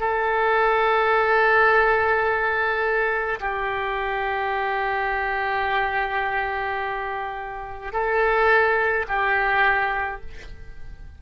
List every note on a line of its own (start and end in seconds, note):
0.00 3.40 A4
3.41 7.93 G4
7.93 9.06 A4
9.08 10.21 G4